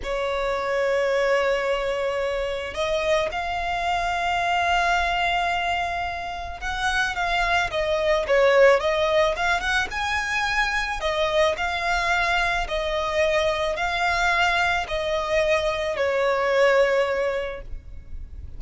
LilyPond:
\new Staff \with { instrumentName = "violin" } { \time 4/4 \tempo 4 = 109 cis''1~ | cis''4 dis''4 f''2~ | f''1 | fis''4 f''4 dis''4 cis''4 |
dis''4 f''8 fis''8 gis''2 | dis''4 f''2 dis''4~ | dis''4 f''2 dis''4~ | dis''4 cis''2. | }